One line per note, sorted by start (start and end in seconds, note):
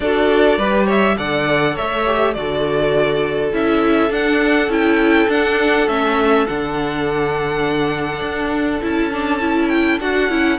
0.00 0.57 D4
0.00 0.59 F#4
0.00 0.58 A4
0.00 0.86 D5
0.57 1.16 G3
0.57 1.17 G4
0.57 0.86 B4
0.86 1.15 C#5
0.86 1.17 E5
1.17 1.77 D3
1.17 2.05 A4
1.17 1.75 D5
1.17 1.76 F#5
1.75 2.36 A3
1.75 2.34 C#5
1.75 2.33 E5
2.06 2.35 G4
2.33 3.53 D3
2.33 3.52 F#4
2.33 10.58 A4
2.33 3.51 D5
3.52 4.10 C#4
3.52 4.10 E4
3.52 4.12 E5
4.10 4.67 D4
4.10 4.69 D4
4.10 4.71 F#5
4.67 5.26 C#4
4.67 5.28 E4
4.67 5.30 G5
5.28 5.87 D4
5.28 5.88 F#5
5.87 6.46 A3
5.87 6.46 C#4
5.87 6.46 E5
6.46 8.20 D3
6.46 8.81 D4
6.46 8.81 F#5
8.20 8.79 D4
8.81 10.00 C#4
8.81 9.11 E4
8.81 9.68 A5
9.11 9.40 D4
9.40 9.99 E4
9.68 9.98 G5
10.00 10.29 D4
10.00 10.30 F#4
10.00 10.58 F#5
10.29 10.58 C#4
10.29 10.58 E4